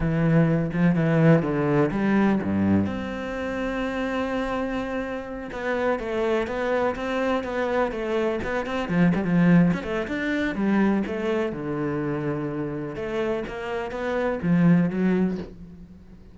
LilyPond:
\new Staff \with { instrumentName = "cello" } { \time 4/4 \tempo 4 = 125 e4. f8 e4 d4 | g4 g,4 c'2~ | c'2.~ c'8 b8~ | b8 a4 b4 c'4 b8~ |
b8 a4 b8 c'8 f8 g16 f8.~ | f16 cis'16 a8 d'4 g4 a4 | d2. a4 | ais4 b4 f4 fis4 | }